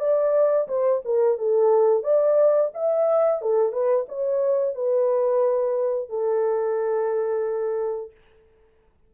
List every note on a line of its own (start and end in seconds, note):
0.00 0.67 D5
0.68 1.02 C5
1.04 1.38 A#4
1.38 2.03 A4
2.03 2.70 D5
2.74 3.41 E5
3.41 3.72 A4
3.72 4.06 B4
4.08 4.75 C#5
4.75 6.09 B4
6.09 8.11 A4